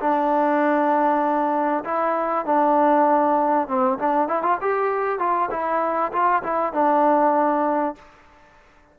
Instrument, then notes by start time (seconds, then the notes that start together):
trombone
0.00 D4
1.84 E4
2.45 D4
3.68 C4
3.99 D4
4.28 E4
4.42 F4
4.61 G4
5.19 F4
5.50 E4
6.12 F4
6.43 E4
6.73 D4